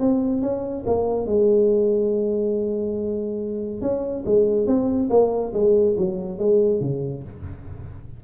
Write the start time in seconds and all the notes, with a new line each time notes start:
0.00 C4
0.42 C#4
0.87 A#3
1.27 G#3
3.82 C#4
4.26 G#3
4.67 C4
5.10 A#3
5.54 G#3
5.97 F#3
6.39 G#3
6.81 C#3